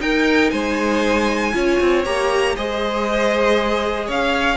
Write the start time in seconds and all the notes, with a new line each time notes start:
0.00 D#4 A#4 G5
0.50 G#3 C5 G#5
1.53 C#4 F4 C#5
1.80 C4
2.05 A#3 G4 A#5
2.56 G#3 G#4 C5 D#5
4.06 C#4 C#5 F5